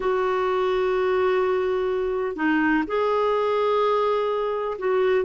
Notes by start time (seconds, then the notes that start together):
0.00 F#4
2.35 D#4
2.87 G#4
4.78 F#4